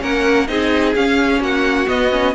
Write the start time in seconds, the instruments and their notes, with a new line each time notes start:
0.00 cello A#3, viola C#4, violin A#4 F#5
0.48 cello C4, viola D#4, violin G#4 D#5
0.96 cello C#4, viola C#4, violin F5
1.40 cello A#3, violin F#4 F#5
1.87 viola B3, cello B3, violin D#5
2.11 viola C#4